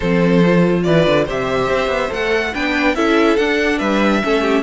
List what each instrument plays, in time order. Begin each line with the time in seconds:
0.00 cello F3, viola C4, violin A4 C5
0.44 viola F4
0.83 cello E3, violin B4 D5
1.06 cello D3
1.25 cello C3, viola G4, violin C5 E5
1.69 cello C4
1.87 cello B3
2.09 cello A3, viola A4, violin F#5
2.53 cello B3, viola D4, violin B4 G5
2.95 cello C#4, viola E4, violin A4 E5
3.36 cello D4, viola D4, violin F#5
3.78 cello G3, violin B4 E5
4.22 cello A3, viola C#4, violin A4
4.41 violin G4